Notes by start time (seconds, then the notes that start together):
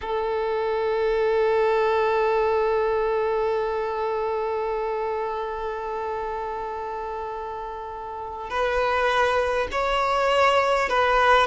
0.01 A4
8.50 B4
9.71 C#5
10.89 B4